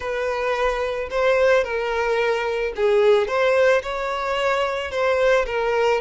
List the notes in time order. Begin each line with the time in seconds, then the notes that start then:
0.00 B4
1.10 C5
1.64 A#4
2.75 G#4
3.27 C5
3.82 C#5
4.91 C5
5.46 A#4